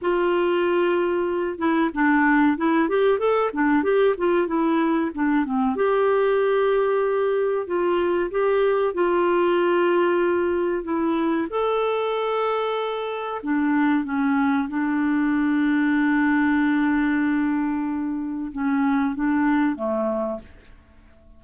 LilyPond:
\new Staff \with { instrumentName = "clarinet" } { \time 4/4 \tempo 4 = 94 f'2~ f'8 e'8 d'4 | e'8 g'8 a'8 d'8 g'8 f'8 e'4 | d'8 c'8 g'2. | f'4 g'4 f'2~ |
f'4 e'4 a'2~ | a'4 d'4 cis'4 d'4~ | d'1~ | d'4 cis'4 d'4 a4 | }